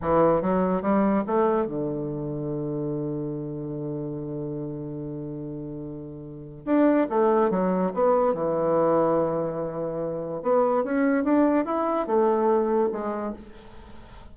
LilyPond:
\new Staff \with { instrumentName = "bassoon" } { \time 4/4 \tempo 4 = 144 e4 fis4 g4 a4 | d1~ | d1~ | d1 |
d'4 a4 fis4 b4 | e1~ | e4 b4 cis'4 d'4 | e'4 a2 gis4 | }